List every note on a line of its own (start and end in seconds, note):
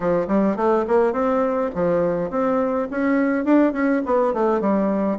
0.00 0.26 F3
0.27 0.56 G3
0.56 0.85 A3
0.87 1.12 A#3
1.12 1.70 C4
1.74 2.30 F3
2.30 2.88 C4
2.91 3.45 C#4
3.45 3.73 D4
3.73 4.01 C#4
4.05 4.33 B3
4.33 4.60 A3
4.60 5.18 G3